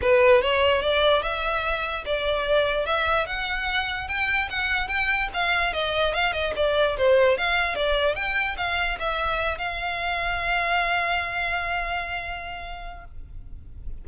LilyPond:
\new Staff \with { instrumentName = "violin" } { \time 4/4 \tempo 4 = 147 b'4 cis''4 d''4 e''4~ | e''4 d''2 e''4 | fis''2 g''4 fis''4 | g''4 f''4 dis''4 f''8 dis''8 |
d''4 c''4 f''4 d''4 | g''4 f''4 e''4. f''8~ | f''1~ | f''1 | }